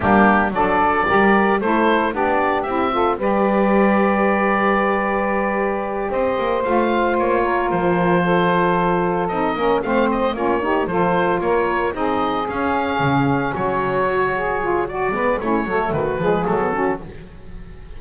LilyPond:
<<
  \new Staff \with { instrumentName = "oboe" } { \time 4/4 \tempo 4 = 113 g'4 d''2 c''4 | d''4 e''4 d''2~ | d''2.~ d''8 dis''8~ | dis''8 f''4 cis''4 c''4.~ |
c''4. dis''4 f''8 dis''8 cis''8~ | cis''8 c''4 cis''4 dis''4 f''8~ | f''4. cis''2~ cis''8 | d''4 cis''4 b'4 a'4 | }
  \new Staff \with { instrumentName = "saxophone" } { \time 4/4 d'4 a'4 ais'4 a'4 | g'4. a'8 b'2~ | b'2.~ b'8 c''8~ | c''2 ais'4. a'8~ |
a'2 ais'8 c''4 f'8 | g'8 a'4 ais'4 gis'4.~ | gis'4. fis'4. gis'4 | fis'8 b'8 e'8 a'8 fis'8 gis'4 fis'8 | }
  \new Staff \with { instrumentName = "saxophone" } { \time 4/4 ais4 d'4 g'4 e'4 | d'4 e'8 f'8 g'2~ | g'1~ | g'8 f'2.~ f'8~ |
f'4. dis'8 cis'8 c'4 cis'8 | dis'8 f'2 dis'4 cis'8~ | cis'2~ cis'8 fis'4 f'8 | fis'8 b8 cis'8 a4 gis8 a16 b16 cis'8 | }
  \new Staff \with { instrumentName = "double bass" } { \time 4/4 g4 fis4 g4 a4 | b4 c'4 g2~ | g2.~ g8 c'8 | ais8 a4 ais4 f4.~ |
f4. c'8 ais8 a4 ais8~ | ais8 f4 ais4 c'4 cis'8~ | cis'8 cis4 fis2~ fis8~ | fis8 gis8 a8 fis8 dis8 f8 fis4 | }
>>